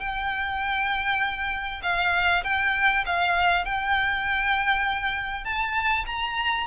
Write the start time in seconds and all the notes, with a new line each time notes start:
0.00 G5
1.83 F5
2.44 G5
3.06 F5
3.66 G5
5.45 A5
6.07 A#5